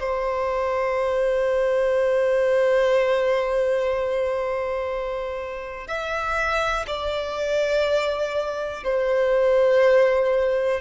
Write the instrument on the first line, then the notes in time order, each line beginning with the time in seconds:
violin
0.00 C5
5.87 E5
6.87 D5
8.84 C5